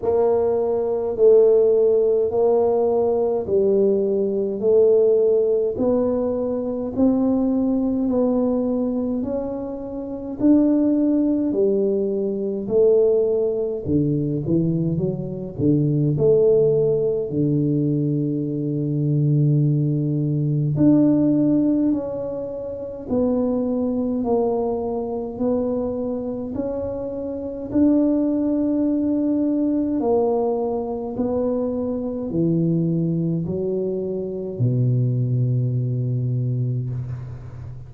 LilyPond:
\new Staff \with { instrumentName = "tuba" } { \time 4/4 \tempo 4 = 52 ais4 a4 ais4 g4 | a4 b4 c'4 b4 | cis'4 d'4 g4 a4 | d8 e8 fis8 d8 a4 d4~ |
d2 d'4 cis'4 | b4 ais4 b4 cis'4 | d'2 ais4 b4 | e4 fis4 b,2 | }